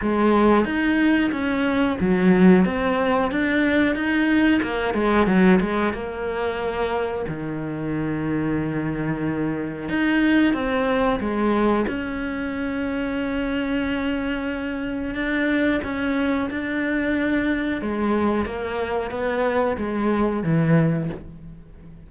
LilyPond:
\new Staff \with { instrumentName = "cello" } { \time 4/4 \tempo 4 = 91 gis4 dis'4 cis'4 fis4 | c'4 d'4 dis'4 ais8 gis8 | fis8 gis8 ais2 dis4~ | dis2. dis'4 |
c'4 gis4 cis'2~ | cis'2. d'4 | cis'4 d'2 gis4 | ais4 b4 gis4 e4 | }